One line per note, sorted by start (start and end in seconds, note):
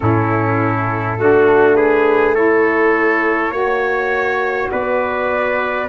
0.00 1.17 A2
0.00 1.17 C#4
0.00 1.19 E4
0.00 1.75 A4
1.17 3.50 A3
1.17 2.35 D4
1.17 1.76 F#4
1.75 2.34 G#4
1.75 2.34 B4
2.34 3.51 E4
2.34 3.51 A4
2.34 4.70 C#5
3.50 4.67 A#3
3.50 5.87 F#4
3.50 4.69 C#5
4.71 5.88 B3
4.71 5.88 B4
4.71 5.88 D5